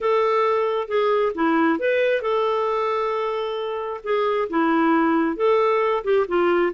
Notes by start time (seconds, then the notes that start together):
0.00 A4
0.87 G#4
1.34 E4
1.79 B4
2.21 A4
4.03 G#4
4.49 E4
5.36 A4
6.04 G4
6.28 F4